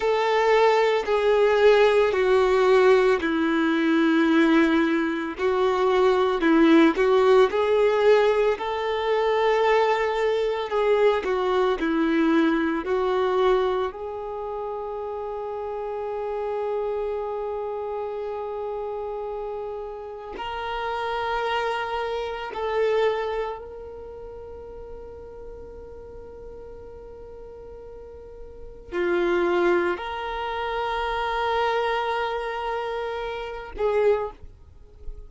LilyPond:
\new Staff \with { instrumentName = "violin" } { \time 4/4 \tempo 4 = 56 a'4 gis'4 fis'4 e'4~ | e'4 fis'4 e'8 fis'8 gis'4 | a'2 gis'8 fis'8 e'4 | fis'4 gis'2.~ |
gis'2. ais'4~ | ais'4 a'4 ais'2~ | ais'2. f'4 | ais'2.~ ais'8 gis'8 | }